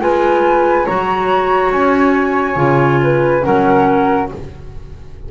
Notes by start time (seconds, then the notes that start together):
0.00 G#3 F4 B4 G#5
0.86 F#3 F#4 C#5 A#5
1.72 C#4 G#5
2.56 C#3 F4
3.03 B4
3.44 F#3 C#4 A#4 F#5